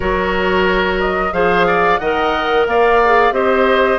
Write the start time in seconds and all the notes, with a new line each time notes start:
0.00 F#3 F#4 A#4 C#5
1.00 D#5
1.32 F3 G#4 C5 F5
1.67 D5
1.98 D#3 A#4 D#5 F#5
2.67 A#3 D5 F5
3.05 G#4
3.31 C4 G4 C5 D#5